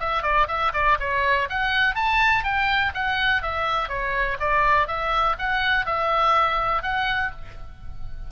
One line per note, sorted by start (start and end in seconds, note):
0.00 0.23 E5
0.23 0.47 D5
0.48 0.72 E5
0.73 0.98 D5
1.00 1.49 C#5
1.50 1.95 F#5
1.95 2.44 A5
2.44 2.93 G5
2.95 3.42 F#5
3.42 3.89 E5
3.89 4.37 C#5
4.40 4.88 D5
4.88 5.36 E5
5.39 5.86 F#5
5.86 6.83 E5
6.83 7.32 F#5